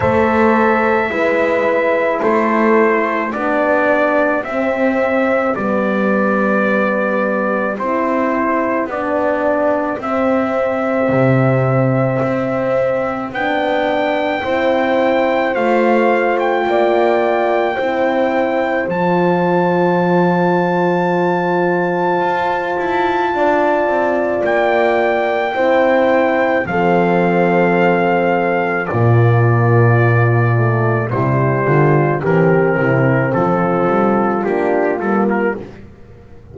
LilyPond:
<<
  \new Staff \with { instrumentName = "trumpet" } { \time 4/4 \tempo 4 = 54 e''2 c''4 d''4 | e''4 d''2 c''4 | d''4 e''2. | g''2 f''8. g''4~ g''16~ |
g''4 a''2.~ | a''2 g''2 | f''2 d''2 | c''4 ais'4 a'4 g'8 a'16 ais'16 | }
  \new Staff \with { instrumentName = "horn" } { \time 4/4 c''4 b'4 a'4 g'4~ | g'1~ | g'1~ | g'4 c''2 d''4 |
c''1~ | c''4 d''2 c''4 | a'2 f'2 | e'8 f'8 g'8 e'8 f'2 | }
  \new Staff \with { instrumentName = "horn" } { \time 4/4 a'4 e'2 d'4 | c'4 b2 e'4 | d'4 c'2. | d'4 e'4 f'2 |
e'4 f'2.~ | f'2. e'4 | c'2 ais4. a8 | g4 c'2 d'8 ais8 | }
  \new Staff \with { instrumentName = "double bass" } { \time 4/4 a4 gis4 a4 b4 | c'4 g2 c'4 | b4 c'4 c4 c'4 | b4 c'4 a4 ais4 |
c'4 f2. | f'8 e'8 d'8 c'8 ais4 c'4 | f2 ais,2 | c8 d8 e8 c8 f8 g8 ais8 g8 | }
>>